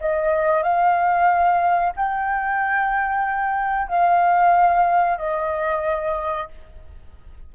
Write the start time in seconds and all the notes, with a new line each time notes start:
0.00 D#5
0.63 F5
1.96 G5
3.87 F5
5.18 D#5